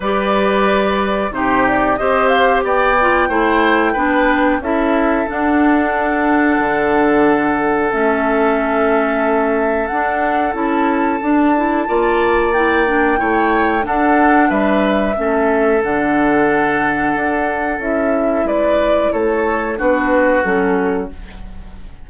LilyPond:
<<
  \new Staff \with { instrumentName = "flute" } { \time 4/4 \tempo 4 = 91 d''2 c''8 d''8 dis''8 f''8 | g''2. e''4 | fis''1 | e''2. fis''4 |
a''2. g''4~ | g''4 fis''4 e''2 | fis''2. e''4 | d''4 cis''4 b'4 a'4 | }
  \new Staff \with { instrumentName = "oboe" } { \time 4/4 b'2 g'4 c''4 | d''4 c''4 b'4 a'4~ | a'1~ | a'1~ |
a'2 d''2 | cis''4 a'4 b'4 a'4~ | a'1 | b'4 a'4 fis'2 | }
  \new Staff \with { instrumentName = "clarinet" } { \time 4/4 g'2 dis'4 g'4~ | g'8 f'8 e'4 d'4 e'4 | d'1 | cis'2. d'4 |
e'4 d'8 e'8 f'4 e'8 d'8 | e'4 d'2 cis'4 | d'2. e'4~ | e'2 d'4 cis'4 | }
  \new Staff \with { instrumentName = "bassoon" } { \time 4/4 g2 c4 c'4 | b4 a4 b4 cis'4 | d'2 d2 | a2. d'4 |
cis'4 d'4 ais2 | a4 d'4 g4 a4 | d2 d'4 cis'4 | gis4 a4 b4 fis4 | }
>>